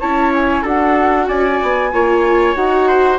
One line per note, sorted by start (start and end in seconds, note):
0.00 0.64 C#4
0.00 0.65 E4
0.00 0.63 C#5
0.00 0.33 A5
0.34 0.66 G#5
0.63 1.28 D4
0.63 1.93 F#4
0.63 1.27 A4
0.63 1.28 F#5
1.28 1.60 C#4
1.28 1.92 D5
1.28 2.55 G#5
1.63 1.93 B3
1.93 2.55 A#3
1.93 2.56 F4
1.93 2.88 C#5
2.55 3.19 D#4
2.55 3.19 F#4
2.55 3.19 F#5
2.88 3.19 C5